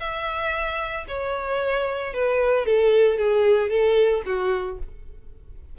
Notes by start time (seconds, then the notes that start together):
0.00 E5
1.08 C#5
2.14 B4
2.66 A4
3.18 G#4
3.70 A4
4.26 F#4